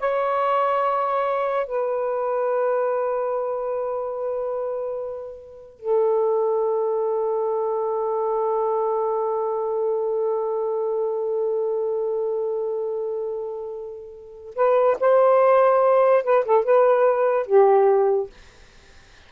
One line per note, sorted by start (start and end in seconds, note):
0.00 1.67 C#5
1.67 5.80 B4
5.80 14.55 A4
14.56 14.97 B4
15.00 16.24 C5
16.24 16.45 B4
16.45 16.65 A4
16.65 17.47 B4
17.47 18.30 G4